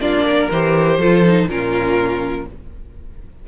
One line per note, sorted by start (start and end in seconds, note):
0.00 0.49 A#3
0.00 0.50 D4
0.00 0.25 F4
0.00 0.49 D5
0.25 0.98 A#4
0.51 0.98 E3
0.51 1.01 G4
0.51 1.49 C5
0.98 1.46 F3
0.98 1.25 F4
0.98 1.47 A4
1.25 1.49 D#4
1.48 2.45 A#2
1.48 2.47 C#4
1.48 2.48 F4
1.48 2.47 A#4